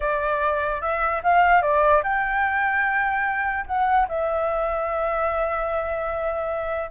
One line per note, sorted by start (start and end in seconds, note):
0.00 0.81 D5
0.81 1.21 E5
1.23 1.62 F5
1.62 2.02 D5
2.03 3.65 G5
3.66 4.07 F#5
4.08 6.90 E5